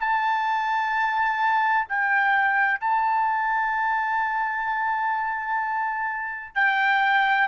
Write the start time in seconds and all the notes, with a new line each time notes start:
0.00 A5
1.89 G5
2.80 A5
6.55 G5